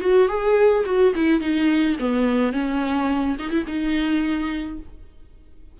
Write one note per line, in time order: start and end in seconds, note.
0.00 0.28 F#4
0.28 0.84 G#4
0.85 1.13 F#4
1.15 1.40 E4
1.40 1.97 D#4
1.99 2.52 B3
2.52 3.36 C#4
3.39 3.50 D#4
3.50 3.64 E4
3.67 4.79 D#4